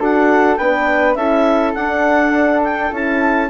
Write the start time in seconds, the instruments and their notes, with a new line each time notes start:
0.00 bassoon D4, horn F#4, flute A4, clarinet F#5
0.56 bassoon B3, horn D4, flute B4, clarinet G5
1.15 bassoon C#4, horn E4, flute A4, clarinet E5
1.74 horn D4, bassoon D4, clarinet F#5
2.64 clarinet G5
2.92 bassoon C#4, horn E4, clarinet A5